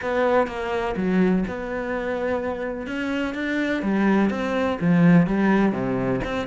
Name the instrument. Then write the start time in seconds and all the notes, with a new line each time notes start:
cello
0.02 B3
0.47 A#3
0.96 F#3
1.47 B3
2.87 C#4
3.34 D4
3.82 G3
4.30 C4
4.80 F3
5.26 G3
5.72 C3
6.24 C4